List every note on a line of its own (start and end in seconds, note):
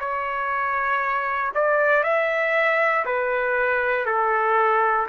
0.00 1.53 C#5
1.55 2.03 D5
2.03 3.05 E5
3.06 4.06 B4
4.06 5.08 A4